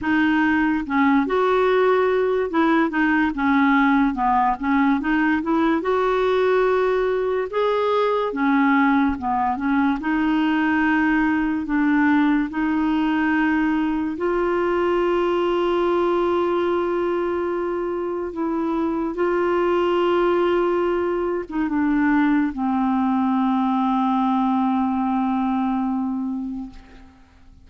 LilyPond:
\new Staff \with { instrumentName = "clarinet" } { \time 4/4 \tempo 4 = 72 dis'4 cis'8 fis'4. e'8 dis'8 | cis'4 b8 cis'8 dis'8 e'8 fis'4~ | fis'4 gis'4 cis'4 b8 cis'8 | dis'2 d'4 dis'4~ |
dis'4 f'2.~ | f'2 e'4 f'4~ | f'4.~ f'16 dis'16 d'4 c'4~ | c'1 | }